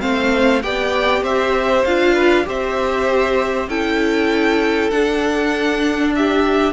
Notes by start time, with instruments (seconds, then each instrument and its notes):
0.00 cello A3, viola C4, violin C5 F5
0.63 cello B3, viola G4, violin D5 G5
1.23 cello C4, violin C5 E5
1.85 cello D4, viola F4, violin F5
2.15 violin B4
2.45 cello C4, viola G4, violin C5 E5
3.69 cello C#4, viola E4, violin A4 G5
4.91 viola D4, cello D4, violin F#5
6.16 violin G4 E5